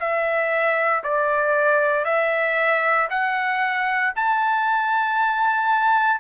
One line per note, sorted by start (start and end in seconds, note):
0.00 1.03 E5
1.03 2.05 D5
2.05 3.08 E5
3.10 4.13 F#5
4.16 6.20 A5